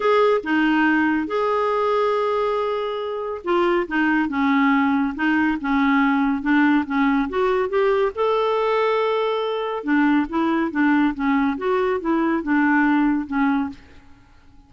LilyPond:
\new Staff \with { instrumentName = "clarinet" } { \time 4/4 \tempo 4 = 140 gis'4 dis'2 gis'4~ | gis'1 | f'4 dis'4 cis'2 | dis'4 cis'2 d'4 |
cis'4 fis'4 g'4 a'4~ | a'2. d'4 | e'4 d'4 cis'4 fis'4 | e'4 d'2 cis'4 | }